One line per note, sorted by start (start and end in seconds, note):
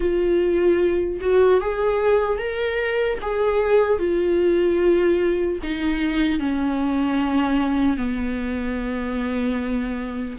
0.00 1.20 F4
1.20 1.60 F#4
1.60 2.38 G#4
2.38 3.18 A#4
3.21 3.98 G#4
3.98 5.58 F4
5.63 6.39 D#4
6.39 7.97 C#4
7.97 10.37 B3